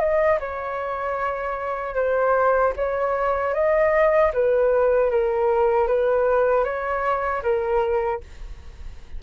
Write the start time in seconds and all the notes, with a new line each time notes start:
0.00 D#5
0.40 C#5
1.96 C5
2.77 C#5
3.54 D#5
4.34 B4
5.11 A#4
5.88 B4
6.64 C#5
7.43 A#4